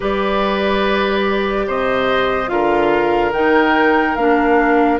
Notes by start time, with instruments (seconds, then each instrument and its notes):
0.00 bassoon G3, clarinet G4, oboe B4, flute D5
1.67 bassoon C3, oboe C5, flute D#5
2.47 bassoon D3, clarinet F4, oboe A#4, flute F5
3.32 bassoon D#3, clarinet D#4, flute G5
4.15 bassoon A#3, clarinet D4, flute F5